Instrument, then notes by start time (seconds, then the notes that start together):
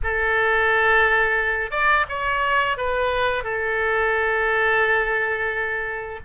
oboe
0.03 A4
1.71 D5
2.08 C#5
2.77 B4
3.43 A4